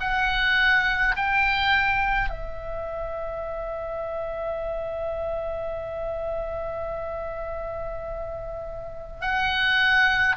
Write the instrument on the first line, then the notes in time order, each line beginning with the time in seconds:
oboe
0.00 F#5
1.16 G5
2.29 E5
9.20 F#5